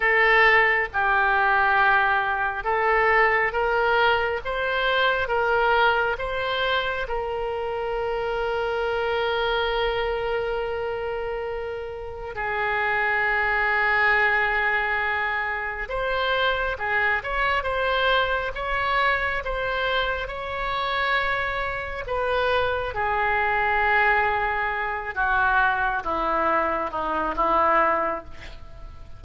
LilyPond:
\new Staff \with { instrumentName = "oboe" } { \time 4/4 \tempo 4 = 68 a'4 g'2 a'4 | ais'4 c''4 ais'4 c''4 | ais'1~ | ais'2 gis'2~ |
gis'2 c''4 gis'8 cis''8 | c''4 cis''4 c''4 cis''4~ | cis''4 b'4 gis'2~ | gis'8 fis'4 e'4 dis'8 e'4 | }